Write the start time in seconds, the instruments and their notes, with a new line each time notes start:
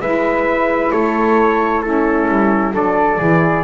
0.00 double bass G#3, saxophone E4, flute B4, trumpet E5
0.91 double bass A3, flute A4, trumpet C#5
1.82 saxophone C#4, flute E4, trumpet A4
2.28 double bass G3
2.72 double bass F#3, saxophone D4, flute A4, trumpet D5
3.18 double bass E3, saxophone E4, flute G#4